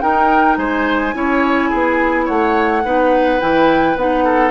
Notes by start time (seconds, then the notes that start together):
0.00 D#4 A#4 G5
0.57 G#3 C5 G#5
1.13 C#4 E4 C#5
1.70 B3 G#4
2.25 A3 C#5 F#5
2.84 B3 D#4 B4
3.40 E3 E4 G5
3.96 B3 D#4 F#5
4.25 A4